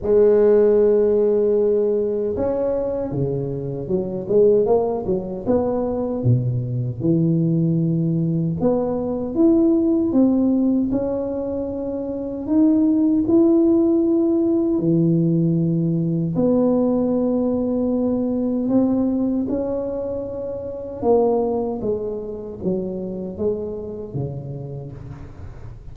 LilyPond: \new Staff \with { instrumentName = "tuba" } { \time 4/4 \tempo 4 = 77 gis2. cis'4 | cis4 fis8 gis8 ais8 fis8 b4 | b,4 e2 b4 | e'4 c'4 cis'2 |
dis'4 e'2 e4~ | e4 b2. | c'4 cis'2 ais4 | gis4 fis4 gis4 cis4 | }